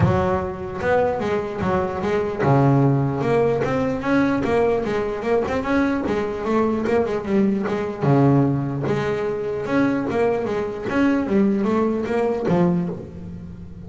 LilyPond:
\new Staff \with { instrumentName = "double bass" } { \time 4/4 \tempo 4 = 149 fis2 b4 gis4 | fis4 gis4 cis2 | ais4 c'4 cis'4 ais4 | gis4 ais8 c'8 cis'4 gis4 |
a4 ais8 gis8 g4 gis4 | cis2 gis2 | cis'4 ais4 gis4 cis'4 | g4 a4 ais4 f4 | }